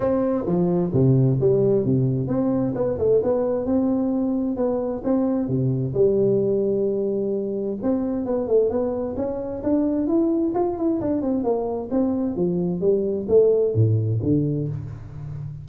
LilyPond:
\new Staff \with { instrumentName = "tuba" } { \time 4/4 \tempo 4 = 131 c'4 f4 c4 g4 | c4 c'4 b8 a8 b4 | c'2 b4 c'4 | c4 g2.~ |
g4 c'4 b8 a8 b4 | cis'4 d'4 e'4 f'8 e'8 | d'8 c'8 ais4 c'4 f4 | g4 a4 a,4 d4 | }